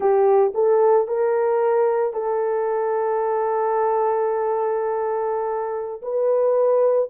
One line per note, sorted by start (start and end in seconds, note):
0.00 0.53 G4
0.54 1.07 A4
1.07 2.13 A#4
2.13 6.01 A4
6.02 7.09 B4